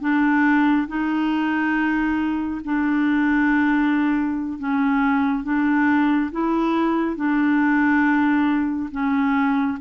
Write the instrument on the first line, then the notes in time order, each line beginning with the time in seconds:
clarinet
0.00 D4
0.87 D#4
2.64 D4
4.59 C#4
5.43 D4
6.31 E4
7.16 D4
8.91 C#4